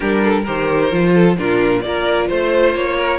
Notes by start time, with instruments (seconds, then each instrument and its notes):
0.00 cello G3, viola D4, violin G4 A#4
0.23 violin A4
0.42 cello D#3, viola G4, violin A#4 C5
0.91 cello F3, viola F4
1.14 violin A4
1.37 cello A#2, viola D4, violin F4 A#4
1.81 cello A#3, viola F4, violin A#4 D5
2.28 cello A3, violin C5
2.75 cello A#3, violin C#5
2.97 violin A#4